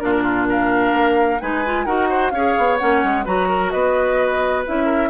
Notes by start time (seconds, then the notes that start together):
0.00 A#2 D4 F4 A#4
0.12 A#4
0.23 F4
0.50 A#4 F5
0.93 A#3
1.41 G#3 D#4 B4 G#5
1.66 F4
1.85 D#4 F#4 A#4 F#5
2.09 C5
2.31 C#4 G#4 C#5 F5
2.58 B3
2.78 A#3 C#4 F#5
3.04 G#3
3.25 F#3 F#4 B4 A#5
3.49 A#4
3.71 B3 B4 D#5
4.66 C#4 E4 E5
4.86 A#4